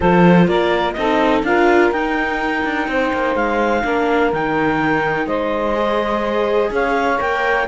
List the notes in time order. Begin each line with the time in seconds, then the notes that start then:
0.00 F3 F4 A4 C5
0.47 A#3 A#4 D5
0.93 C4 D#4 A4 D#5
1.42 D4 F4 A#4 F5
1.91 D#4 G5
2.64 D4
2.87 C4 C5
3.13 A#3
3.35 G#3 F5
3.84 A#3 D4 A#4
4.32 D#3 D#4 G5
5.26 G#3 C5 D#5
5.74 G#4
6.70 C#4 C#5 F5
7.18 A#3 A#4 G5